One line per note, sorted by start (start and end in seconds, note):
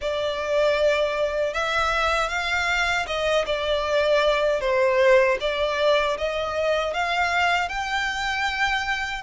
0.01 1.53 D5
1.53 2.29 E5
2.29 3.06 F5
3.06 3.45 D#5
3.45 4.60 D5
4.60 5.37 C5
5.40 6.17 D5
6.17 6.93 D#5
6.93 7.69 F5
7.69 9.22 G5